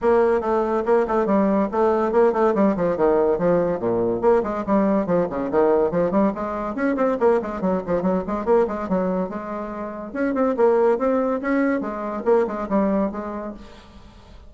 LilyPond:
\new Staff \with { instrumentName = "bassoon" } { \time 4/4 \tempo 4 = 142 ais4 a4 ais8 a8 g4 | a4 ais8 a8 g8 f8 dis4 | f4 ais,4 ais8 gis8 g4 | f8 cis8 dis4 f8 g8 gis4 |
cis'8 c'8 ais8 gis8 fis8 f8 fis8 gis8 | ais8 gis8 fis4 gis2 | cis'8 c'8 ais4 c'4 cis'4 | gis4 ais8 gis8 g4 gis4 | }